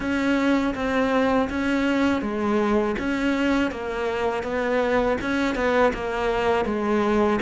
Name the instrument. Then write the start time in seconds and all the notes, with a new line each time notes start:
cello
0.00 C#4
0.74 C4
1.49 C#4
2.21 G#3
2.98 C#4
3.71 A#3
4.43 B3
5.21 C#4
5.55 B3
5.93 A#3
6.65 G#3